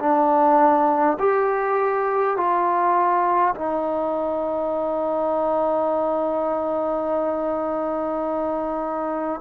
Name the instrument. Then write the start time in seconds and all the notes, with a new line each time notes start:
trombone
0.00 D4
1.19 G4
2.37 F4
3.55 D#4